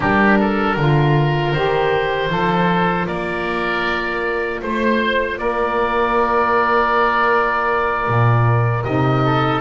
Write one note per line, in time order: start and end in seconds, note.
0.00 0.76 G3
0.00 0.75 D4
0.00 0.38 G4
0.00 1.53 A#4
0.39 0.76 A4
0.76 1.53 D3
0.76 1.55 F4
0.76 2.30 A#4
1.53 2.29 D#3
1.53 2.30 G4
1.53 3.06 C5
2.29 3.06 F3
2.29 8.84 F4
2.29 3.07 A4
3.07 4.61 A#3
3.07 4.61 A#4
3.07 4.60 D5
4.62 5.38 A3
4.62 5.38 C5
4.62 5.40 C5
5.38 8.07 A#3
5.38 9.24 A#4
5.38 8.84 D5
8.07 8.84 A#2
8.84 9.60 C3
8.84 9.60 D#4
8.84 9.60 D#5
9.24 9.60 A4